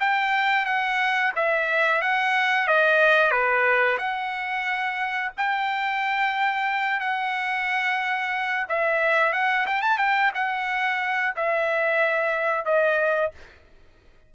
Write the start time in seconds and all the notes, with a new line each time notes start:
0.00 G5
0.65 F#5
1.35 E5
2.02 F#5
2.67 D#5
3.31 B4
3.98 F#5
5.37 G5
7.00 F#5
8.69 E5
9.33 F#5
9.66 G5
9.82 A5
9.98 G5
10.34 F#5
11.36 E5
12.65 D#5